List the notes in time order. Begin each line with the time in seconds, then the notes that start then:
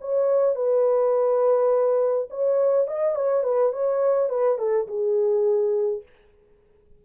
0.00 C#5
0.55 B4
2.30 C#5
2.87 D#5
3.15 C#5
3.43 B4
3.72 C#5
4.29 B4
4.58 A4
4.87 G#4